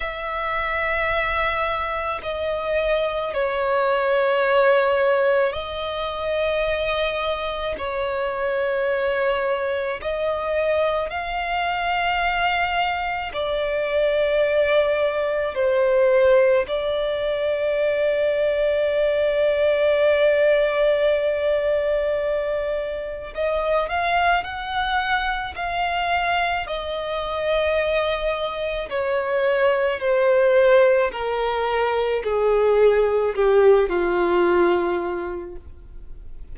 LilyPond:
\new Staff \with { instrumentName = "violin" } { \time 4/4 \tempo 4 = 54 e''2 dis''4 cis''4~ | cis''4 dis''2 cis''4~ | cis''4 dis''4 f''2 | d''2 c''4 d''4~ |
d''1~ | d''4 dis''8 f''8 fis''4 f''4 | dis''2 cis''4 c''4 | ais'4 gis'4 g'8 f'4. | }